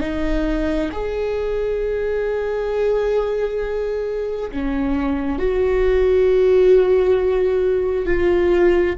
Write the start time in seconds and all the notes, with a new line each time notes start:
0.00 D#4
0.92 G#4
4.51 C#4
5.39 F#4
8.06 F4